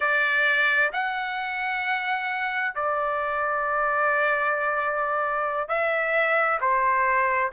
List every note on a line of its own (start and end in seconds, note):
0.00 0.90 D5
0.92 2.74 F#5
2.75 5.68 D5
5.68 6.59 E5
6.60 7.51 C5